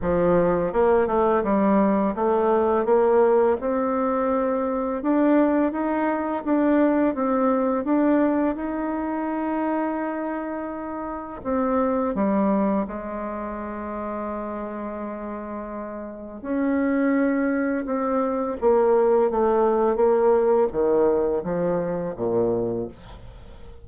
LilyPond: \new Staff \with { instrumentName = "bassoon" } { \time 4/4 \tempo 4 = 84 f4 ais8 a8 g4 a4 | ais4 c'2 d'4 | dis'4 d'4 c'4 d'4 | dis'1 |
c'4 g4 gis2~ | gis2. cis'4~ | cis'4 c'4 ais4 a4 | ais4 dis4 f4 ais,4 | }